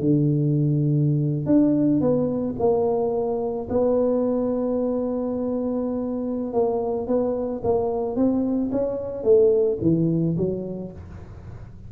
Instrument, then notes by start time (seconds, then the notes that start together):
tuba
0.00 D3
1.46 D4
2.01 B3
2.59 A#3
3.70 B3
6.53 A#3
7.07 B3
7.63 A#3
8.16 C4
8.71 C#4
9.23 A3
9.81 E3
10.37 F#3